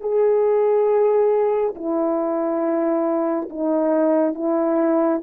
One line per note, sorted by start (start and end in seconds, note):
0.00 1.74 G#4
1.75 3.49 E4
3.50 4.34 D#4
4.34 5.21 E4